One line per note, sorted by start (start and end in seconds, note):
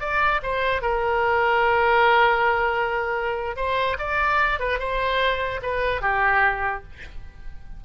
0.00 0.41 D5
0.42 0.81 C5
0.81 3.56 A#4
3.56 3.97 C5
3.98 4.59 D5
4.59 4.79 B4
4.79 5.60 C5
5.62 6.01 B4
6.01 6.83 G4